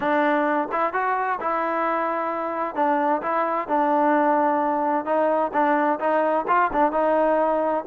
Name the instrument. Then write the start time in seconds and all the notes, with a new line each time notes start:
trombone
0.00 D4
0.72 E4
0.93 F#4
1.40 E4
2.75 D4
3.22 E4
3.68 D4
5.05 D#4
5.53 D4
5.99 D#4
6.47 F4
6.72 D4
6.92 D#4